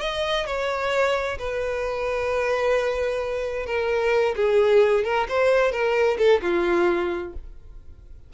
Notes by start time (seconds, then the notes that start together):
0.00 D#5
0.46 C#5
1.38 B4
3.66 A#4
4.35 G#4
5.04 A#4
5.28 C5
5.71 A#4
6.18 A4
6.41 F4